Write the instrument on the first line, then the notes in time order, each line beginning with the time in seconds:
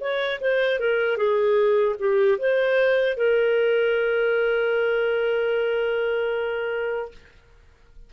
clarinet
0.00 C#5
0.41 C5
0.79 A#4
1.17 G#4
1.99 G4
2.38 C5
3.17 A#4